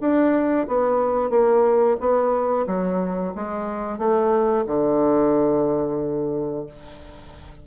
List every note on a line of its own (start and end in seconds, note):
0.00 0.67 D4
0.67 1.30 B3
1.30 1.97 A#3
2.00 2.66 B3
2.67 3.33 F#3
3.35 3.98 G#3
3.98 4.65 A3
4.66 6.66 D3